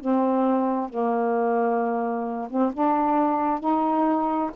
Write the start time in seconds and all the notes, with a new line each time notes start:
0.00 C4
0.89 A#3
2.50 C4
2.73 D4
3.60 D#4